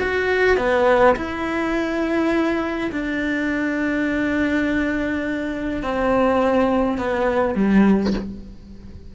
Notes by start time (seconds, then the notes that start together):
0.00 F#4
0.57 B3
1.16 E4
2.92 D4
5.83 C4
6.98 B3
7.55 G3